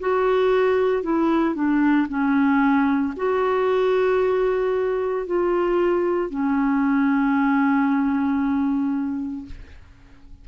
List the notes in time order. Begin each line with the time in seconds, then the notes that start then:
0.00 F#4
1.03 E4
1.55 D4
2.09 C#4
3.17 F#4
5.26 F4
6.30 C#4